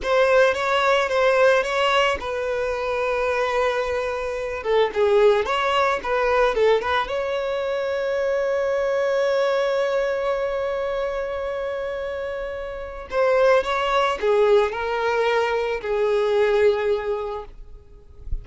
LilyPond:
\new Staff \with { instrumentName = "violin" } { \time 4/4 \tempo 4 = 110 c''4 cis''4 c''4 cis''4 | b'1~ | b'8 a'8 gis'4 cis''4 b'4 | a'8 b'8 cis''2.~ |
cis''1~ | cis''1 | c''4 cis''4 gis'4 ais'4~ | ais'4 gis'2. | }